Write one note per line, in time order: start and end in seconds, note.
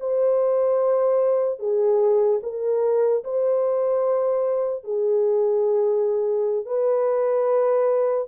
0.00 1.59 C5
1.59 2.40 G#4
2.43 3.24 A#4
3.24 4.84 C5
4.84 6.66 G#4
6.66 8.28 B4